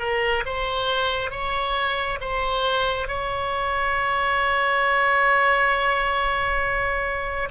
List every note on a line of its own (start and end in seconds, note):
0.00 0.44 A#4
0.46 1.31 C5
1.31 2.19 C#5
2.21 3.08 C5
3.08 7.50 C#5